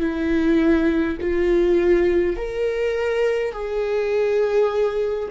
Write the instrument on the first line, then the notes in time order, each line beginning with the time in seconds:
viola
0.00 E4
1.21 F4
2.36 A#4
3.52 G#4